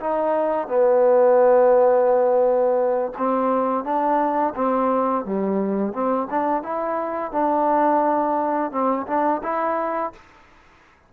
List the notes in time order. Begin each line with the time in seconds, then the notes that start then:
0.00 D#4
0.68 B3
3.18 C4
3.84 D4
4.55 C4
5.25 G3
5.93 C4
6.30 D4
6.63 E4
7.32 D4
8.72 C4
9.07 D4
9.43 E4